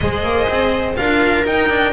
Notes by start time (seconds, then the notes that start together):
0.00 G#3 G#4 C5 D#5
0.23 A#3
0.48 C4
0.96 D4 F4 A#4 F5
1.45 D#4 G5
1.69 D4